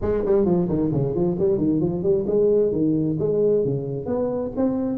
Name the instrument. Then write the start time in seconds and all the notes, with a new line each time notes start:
tuba
0.01 G#3
0.25 G3
0.45 F3
0.69 D#3
0.92 C#3
1.14 F3
1.38 G3
1.57 D#3
1.80 F3
2.02 G3
2.26 G#3
2.72 D#3
3.19 G#3
3.64 C#3
4.06 B3
4.56 C4